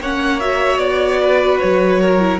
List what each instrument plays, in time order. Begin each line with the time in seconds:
0.00 cello A#3, viola C#4, violin C#5 F#5
0.40 viola F#4, violin E5
0.78 cello B3, violin D5
1.22 violin B4
1.59 cello F#3, violin C#5
2.01 violin A#4
2.20 viola E4